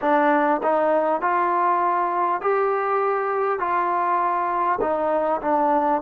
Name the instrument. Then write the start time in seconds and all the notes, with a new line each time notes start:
trombone
0.01 D4
0.63 D#4
1.21 F4
2.41 G4
3.59 F4
4.81 D#4
5.41 D4